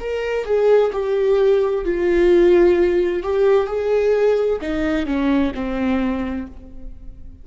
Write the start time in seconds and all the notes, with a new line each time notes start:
0.00 A#4
0.45 G#4
0.92 G4
1.85 F4
3.23 G4
3.67 G#4
4.61 D#4
5.06 C#4
5.54 C4